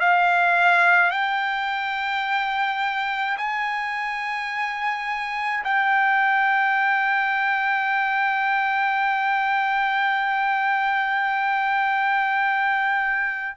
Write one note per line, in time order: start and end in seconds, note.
0.00 1.11 F5
1.11 3.37 G5
3.38 5.64 G#5
5.64 13.57 G5